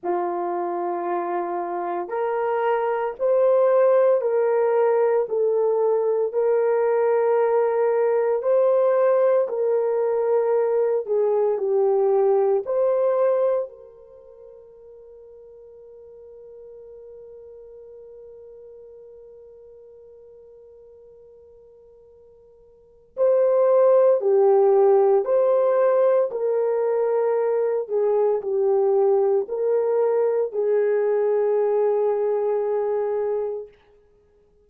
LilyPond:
\new Staff \with { instrumentName = "horn" } { \time 4/4 \tempo 4 = 57 f'2 ais'4 c''4 | ais'4 a'4 ais'2 | c''4 ais'4. gis'8 g'4 | c''4 ais'2.~ |
ais'1~ | ais'2 c''4 g'4 | c''4 ais'4. gis'8 g'4 | ais'4 gis'2. | }